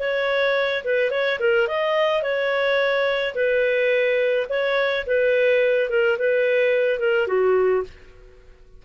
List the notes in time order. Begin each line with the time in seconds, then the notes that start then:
0.00 C#5
0.85 B4
1.11 C#5
1.40 A#4
1.68 D#5
2.23 C#5
3.35 B4
4.50 C#5
5.07 B4
5.90 A#4
6.19 B4
7.00 A#4
7.28 F#4